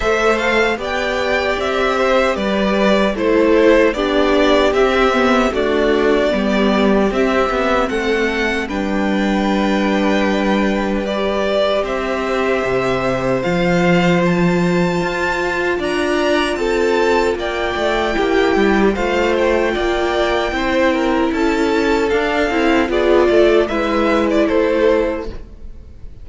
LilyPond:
<<
  \new Staff \with { instrumentName = "violin" } { \time 4/4 \tempo 4 = 76 e''8 f''8 g''4 e''4 d''4 | c''4 d''4 e''4 d''4~ | d''4 e''4 fis''4 g''4~ | g''2 d''4 e''4~ |
e''4 f''4 a''2 | ais''4 a''4 g''2 | f''8 g''2~ g''8 a''4 | f''4 d''4 e''8. d''16 c''4 | }
  \new Staff \with { instrumentName = "violin" } { \time 4/4 c''4 d''4. c''8 b'4 | a'4 g'2 fis'4 | g'2 a'4 b'4~ | b'2. c''4~ |
c''1 | d''4 a'4 d''4 g'4 | c''4 d''4 c''8 ais'8 a'4~ | a'4 gis'8 a'8 b'4 a'4 | }
  \new Staff \with { instrumentName = "viola" } { \time 4/4 a'4 g'2. | e'4 d'4 c'8 b8 a4 | b4 c'2 d'4~ | d'2 g'2~ |
g'4 f'2.~ | f'2. e'4 | f'2 e'2 | d'8 e'8 f'4 e'2 | }
  \new Staff \with { instrumentName = "cello" } { \time 4/4 a4 b4 c'4 g4 | a4 b4 c'4 d'4 | g4 c'8 b8 a4 g4~ | g2. c'4 |
c4 f2 f'4 | d'4 c'4 ais8 a8 ais8 g8 | a4 ais4 c'4 cis'4 | d'8 c'8 b8 a8 gis4 a4 | }
>>